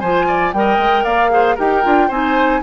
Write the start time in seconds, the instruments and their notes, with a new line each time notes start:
0.00 bassoon F3, clarinet F4, oboe C5, flute G#5
0.28 oboe D5
0.53 bassoon G3, clarinet A#4, flute G5
0.59 oboe D#5
0.78 bassoon G#3
1.04 bassoon A#3, oboe D5, flute F5
1.30 clarinet G#4, oboe C5
1.56 bassoon D#4, clarinet G4, oboe A#4, flute G5
1.83 bassoon D4, clarinet F4
2.08 bassoon C4, clarinet D#4, oboe C5, flute G#5